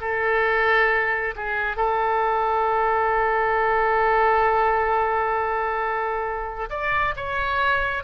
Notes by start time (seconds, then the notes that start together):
0.00 A4
1.36 G#4
1.76 A4
6.70 D5
7.16 C#5